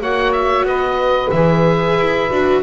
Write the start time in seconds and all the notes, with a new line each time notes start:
0.00 A#3 F#4 C#5 F#5
0.32 E5
0.62 B3 B4 D#5
1.30 E3 G#4 E5
1.98 E4
2.30 D4 F#4